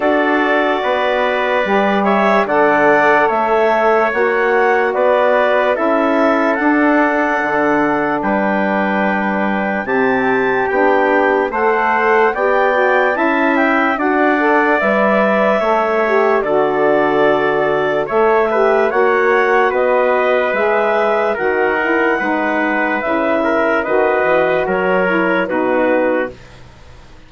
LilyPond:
<<
  \new Staff \with { instrumentName = "clarinet" } { \time 4/4 \tempo 4 = 73 d''2~ d''8 e''8 fis''4 | e''4 fis''4 d''4 e''4 | fis''2 g''2 | a''4 g''4 fis''4 g''4 |
a''8 g''8 fis''4 e''2 | d''2 e''4 fis''4 | dis''4 e''4 fis''2 | e''4 dis''4 cis''4 b'4 | }
  \new Staff \with { instrumentName = "trumpet" } { \time 4/4 a'4 b'4. cis''8 d''4 | cis''2 b'4 a'4~ | a'2 b'2 | g'2 c''4 d''4 |
e''4 d''2 cis''4 | a'2 cis''8 b'8 cis''4 | b'2 ais'4 b'4~ | b'8 ais'8 b'4 ais'4 fis'4 | }
  \new Staff \with { instrumentName = "saxophone" } { \time 4/4 fis'2 g'4 a'4~ | a'4 fis'2 e'4 | d'1 | c'4 d'4 a'4 g'8 fis'8 |
e'4 fis'8 a'8 b'4 a'8 g'8 | fis'2 a'8 g'8 fis'4~ | fis'4 gis'4 fis'8 e'8 dis'4 | e'4 fis'4. e'8 dis'4 | }
  \new Staff \with { instrumentName = "bassoon" } { \time 4/4 d'4 b4 g4 d4 | a4 ais4 b4 cis'4 | d'4 d4 g2 | c4 b4 a4 b4 |
cis'4 d'4 g4 a4 | d2 a4 ais4 | b4 gis4 dis4 gis4 | cis4 dis8 e8 fis4 b,4 | }
>>